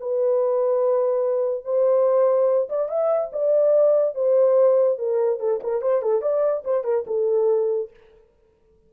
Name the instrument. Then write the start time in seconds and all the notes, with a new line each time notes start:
horn
0.00 B4
1.64 C5
2.69 D5
2.89 E5
3.33 D5
4.15 C5
4.98 A#4
5.40 A4
5.63 A#4
5.82 C5
6.02 A4
6.22 D5
6.65 C5
6.84 A#4
7.07 A4